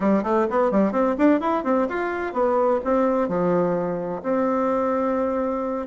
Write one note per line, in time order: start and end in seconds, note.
0.00 0.23 G3
0.23 0.46 A3
0.49 0.71 B3
0.71 0.92 G3
0.92 1.15 C4
1.18 1.40 D4
1.40 1.63 E4
1.64 1.87 C4
1.88 2.33 F4
2.33 2.80 B3
2.84 3.28 C4
3.28 4.22 F3
4.23 5.86 C4